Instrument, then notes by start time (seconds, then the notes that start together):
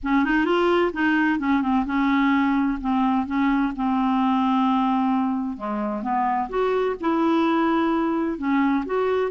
clarinet
0.03 C#4
0.24 D#4
0.45 F4
0.93 D#4
1.39 C#4
1.62 C4
1.85 C#4
2.81 C4
3.26 C#4
3.76 C4
5.57 G#3
6.02 B3
6.49 F#4
7.00 E4
8.38 C#4
8.85 F#4